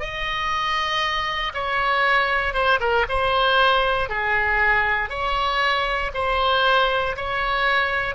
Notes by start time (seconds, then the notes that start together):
0.00 D#5
1.54 C#5
2.54 C5
2.80 A#4
3.09 C5
4.09 G#4
5.10 C#5
6.14 C5
7.16 C#5